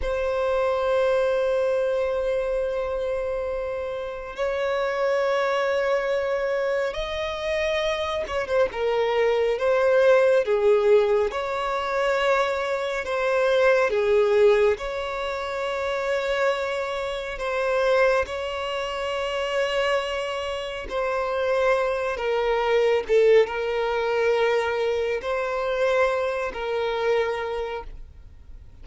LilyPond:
\new Staff \with { instrumentName = "violin" } { \time 4/4 \tempo 4 = 69 c''1~ | c''4 cis''2. | dis''4. cis''16 c''16 ais'4 c''4 | gis'4 cis''2 c''4 |
gis'4 cis''2. | c''4 cis''2. | c''4. ais'4 a'8 ais'4~ | ais'4 c''4. ais'4. | }